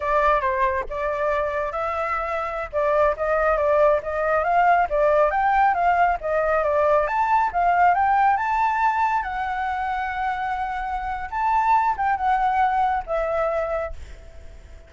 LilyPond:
\new Staff \with { instrumentName = "flute" } { \time 4/4 \tempo 4 = 138 d''4 c''4 d''2 | e''2~ e''16 d''4 dis''8.~ | dis''16 d''4 dis''4 f''4 d''8.~ | d''16 g''4 f''4 dis''4 d''8.~ |
d''16 a''4 f''4 g''4 a''8.~ | a''4~ a''16 fis''2~ fis''8.~ | fis''2 a''4. g''8 | fis''2 e''2 | }